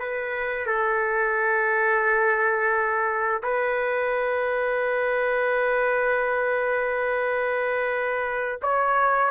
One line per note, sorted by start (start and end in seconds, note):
0.00 0.67 B4
0.67 3.43 A4
3.43 8.60 B4
8.62 9.31 C#5